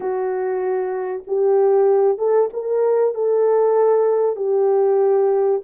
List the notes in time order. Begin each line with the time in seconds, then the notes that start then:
0.00 F#4
1.27 G4
2.18 A4
2.53 A#4
3.14 A4
4.36 G4